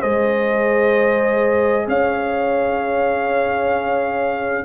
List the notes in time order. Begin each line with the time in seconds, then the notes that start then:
0.00 G#3 G#4 C5 D#5
1.87 C#4 C#5 F5